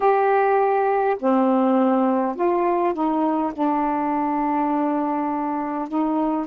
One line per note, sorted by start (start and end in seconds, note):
0.00 1.17 G4
1.19 2.35 C4
2.35 2.94 F4
2.94 3.52 D#4
3.53 5.88 D4
5.88 6.46 D#4